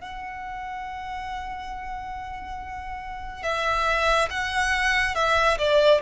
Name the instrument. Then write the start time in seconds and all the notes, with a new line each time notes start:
violin
0.00 F#5
3.42 E5
4.30 F#5
5.14 E5
5.58 D5